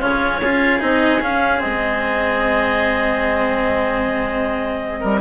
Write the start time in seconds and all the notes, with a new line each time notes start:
0.00 C#3 C#4 F4 C#5
0.40 C#4 F4 G#4
0.80 C4 D#4 D#5
1.21 C#4 F5
1.59 C4 D#5
1.65 G#3
5.00 G3 A#4